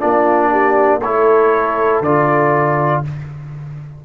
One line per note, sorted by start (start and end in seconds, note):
0.00 1.03 A#3
0.00 1.00 D4
0.00 0.51 F4
0.00 1.01 D5
0.51 1.00 G4
1.00 2.01 A3
1.00 2.04 E4
1.00 3.00 A4
1.00 2.01 C#5
2.01 3.01 D3
2.01 3.05 F4
2.01 3.03 D5